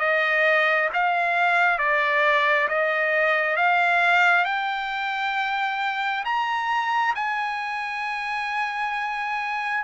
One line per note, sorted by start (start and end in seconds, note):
0.00 0.90 D#5
0.94 1.79 F5
1.79 2.69 D5
2.69 3.57 D#5
3.57 4.45 F5
4.45 6.24 G5
6.25 7.15 A#5
7.16 9.84 G#5